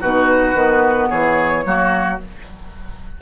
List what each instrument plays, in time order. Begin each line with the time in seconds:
0.00 bassoon B2, clarinet D#4, oboe F#4, flute B4
0.54 bassoon D#3, clarinet B3
1.08 bassoon E3, oboe G#4, flute C#5
1.63 bassoon F#3, clarinet A#3, oboe F#4